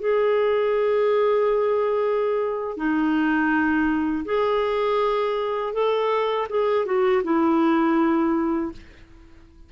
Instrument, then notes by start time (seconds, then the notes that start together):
clarinet
0.00 G#4
2.77 D#4
4.26 G#4
5.74 A4
6.49 G#4
6.86 F#4
7.24 E4